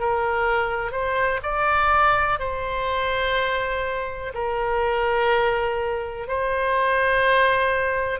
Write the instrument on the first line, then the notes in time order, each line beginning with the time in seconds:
oboe
0.00 A#4
0.92 C5
1.43 D5
2.39 C5
4.34 A#4
6.28 C5